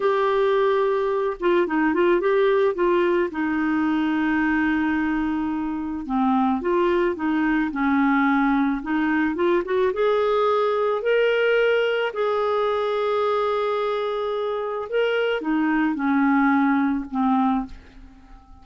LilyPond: \new Staff \with { instrumentName = "clarinet" } { \time 4/4 \tempo 4 = 109 g'2~ g'8 f'8 dis'8 f'8 | g'4 f'4 dis'2~ | dis'2. c'4 | f'4 dis'4 cis'2 |
dis'4 f'8 fis'8 gis'2 | ais'2 gis'2~ | gis'2. ais'4 | dis'4 cis'2 c'4 | }